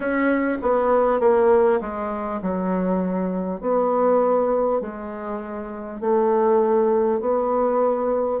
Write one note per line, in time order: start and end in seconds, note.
0.00 0.57 C#4
0.62 1.20 B3
1.20 1.80 A#3
1.80 2.40 G#3
2.42 3.60 F#3
3.60 4.80 B3
4.80 6.00 G#3
6.00 7.20 A3
7.20 8.40 B3